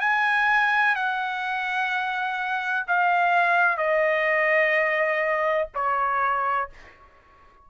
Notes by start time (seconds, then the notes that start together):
0.00 G#5
0.95 F#5
2.87 F5
3.77 D#5
5.74 C#5